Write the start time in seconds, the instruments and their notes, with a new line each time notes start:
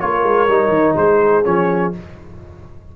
0.00 tuba A#3, trombone F4, horn A#4, trumpet C#5
0.24 tuba G#3
0.48 tuba G3, trombone D#4
0.69 tuba D#3
0.96 tuba G#3, horn G#4, trumpet C5
1.44 tuba F3, trombone C#4, trumpet C#5